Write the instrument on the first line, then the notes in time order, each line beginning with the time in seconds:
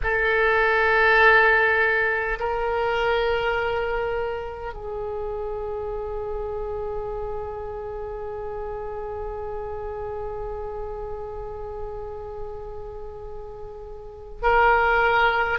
oboe
0.03 A4
2.39 A#4
4.73 G#4
14.42 A#4